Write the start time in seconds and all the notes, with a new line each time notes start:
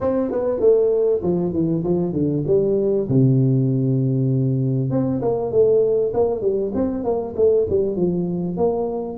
0.00 C4
0.31 B3
0.60 A3
1.22 F3
1.52 E3
1.83 F3
2.13 D3
2.46 G3
3.08 C3
4.90 C4
5.21 A#3
5.51 A3
6.13 A#3
6.41 G3
6.74 C4
7.04 A#3
7.36 A3
7.69 G3
7.96 F3
8.57 A#3